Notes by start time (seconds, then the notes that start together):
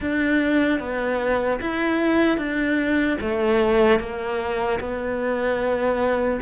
0.00 D4
0.79 B3
1.60 E4
2.37 D4
3.20 A3
3.99 A#3
4.80 B3